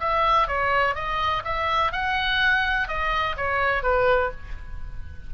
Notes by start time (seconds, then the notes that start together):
0.00 E5
0.48 C#5
0.95 D#5
1.44 E5
1.92 F#5
2.88 D#5
3.37 C#5
3.83 B4